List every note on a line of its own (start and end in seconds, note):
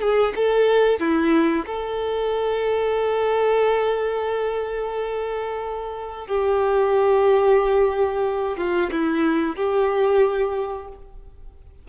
0.00 0.33 G#4
0.35 0.99 A4
0.99 1.65 E4
1.66 6.27 A4
6.27 8.57 G4
8.57 8.90 F4
8.91 9.56 E4
9.56 10.88 G4